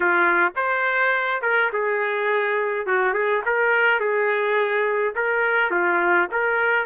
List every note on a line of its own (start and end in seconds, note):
0.00 0.52 F4
0.56 1.41 C5
1.41 1.70 A#4
1.72 2.86 G#4
2.86 3.13 F#4
3.13 3.42 G#4
3.45 4.00 A#4
4.00 5.14 G#4
5.15 5.70 A#4
5.70 6.27 F4
6.31 6.86 A#4